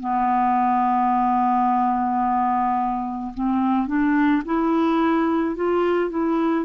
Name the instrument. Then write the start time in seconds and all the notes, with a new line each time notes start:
clarinet
0.00 B3
3.34 C4
3.87 D4
4.45 E4
5.56 F4
6.11 E4